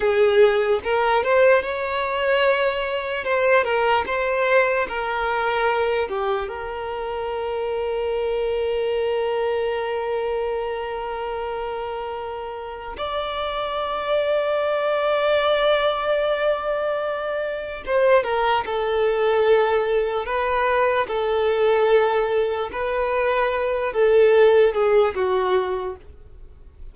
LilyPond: \new Staff \with { instrumentName = "violin" } { \time 4/4 \tempo 4 = 74 gis'4 ais'8 c''8 cis''2 | c''8 ais'8 c''4 ais'4. g'8 | ais'1~ | ais'1 |
d''1~ | d''2 c''8 ais'8 a'4~ | a'4 b'4 a'2 | b'4. a'4 gis'8 fis'4 | }